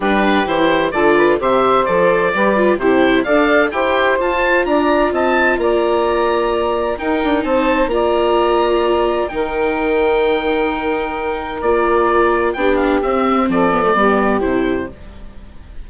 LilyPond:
<<
  \new Staff \with { instrumentName = "oboe" } { \time 4/4 \tempo 4 = 129 b'4 c''4 d''4 e''4 | d''2 c''4 f''4 | g''4 a''4 ais''4 a''4 | ais''2. g''4 |
a''4 ais''2. | g''1~ | g''4 d''2 g''8 f''8 | e''4 d''2 c''4 | }
  \new Staff \with { instrumentName = "saxophone" } { \time 4/4 g'2 a'8 b'8 c''4~ | c''4 b'4 g'4 d''4 | c''2 d''4 dis''4 | d''2. ais'4 |
c''4 d''2. | ais'1~ | ais'2. g'4~ | g'4 a'4 g'2 | }
  \new Staff \with { instrumentName = "viola" } { \time 4/4 d'4 e'4 f'4 g'4 | a'4 g'8 f'8 e'4 a'4 | g'4 f'2.~ | f'2. dis'4~ |
dis'4 f'2. | dis'1~ | dis'4 f'2 d'4 | c'4. b16 a16 b4 e'4 | }
  \new Staff \with { instrumentName = "bassoon" } { \time 4/4 g4 e4 d4 c4 | f4 g4 c4 d'4 | e'4 f'4 d'4 c'4 | ais2. dis'8 d'8 |
c'4 ais2. | dis1~ | dis4 ais2 b4 | c'4 f4 g4 c4 | }
>>